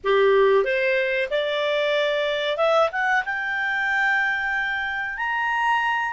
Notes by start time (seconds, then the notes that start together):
0.04 G4
0.64 C5
1.30 D5
2.57 E5
2.91 F#5
3.25 G5
5.17 A#5